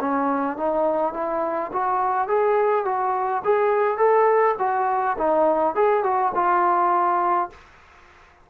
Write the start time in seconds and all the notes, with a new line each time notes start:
0.00 C#4
0.57 D#4
1.13 E4
1.73 F#4
2.28 G#4
2.85 F#4
3.44 G#4
3.97 A4
4.58 F#4
5.18 D#4
5.74 G#4
6.03 F#4
6.34 F4